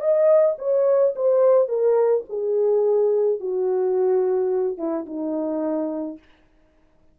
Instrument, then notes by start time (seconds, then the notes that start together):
horn
0.00 D#5
0.58 C#5
1.16 C5
1.68 A#4
2.29 G#4
3.40 F#4
4.78 E4
5.06 D#4